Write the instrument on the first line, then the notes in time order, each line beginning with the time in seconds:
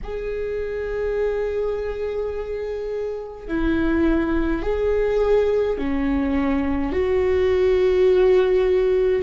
viola
0.03 G#4
3.47 E4
4.62 G#4
5.77 C#4
6.92 F#4